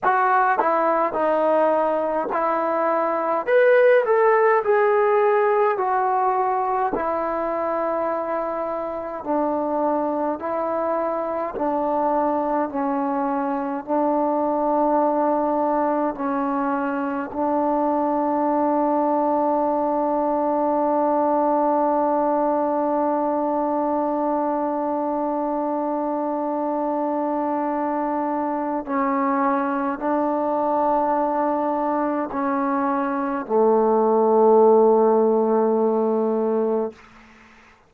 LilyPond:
\new Staff \with { instrumentName = "trombone" } { \time 4/4 \tempo 4 = 52 fis'8 e'8 dis'4 e'4 b'8 a'8 | gis'4 fis'4 e'2 | d'4 e'4 d'4 cis'4 | d'2 cis'4 d'4~ |
d'1~ | d'1~ | d'4 cis'4 d'2 | cis'4 a2. | }